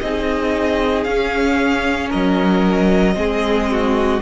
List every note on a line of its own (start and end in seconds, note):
0.00 1.06 C4
0.00 1.07 D#4
0.00 2.10 G#4
0.00 1.04 D#5
1.04 2.11 C#4
1.04 3.14 C#4
1.04 2.09 F5
2.10 3.15 F#3
2.10 3.15 A#4
2.10 4.21 D#5
3.14 4.21 G#3
3.14 4.20 C4
3.14 3.70 G#4
3.71 4.22 F#4